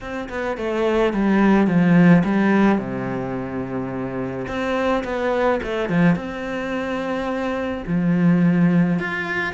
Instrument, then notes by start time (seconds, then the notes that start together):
cello
0.00 C4
0.29 B3
0.57 A3
1.13 G3
1.67 F3
2.24 G3
2.78 C3
4.47 C4
5.03 B3
5.63 A3
5.89 F3
6.15 C4
7.87 F3
8.99 F4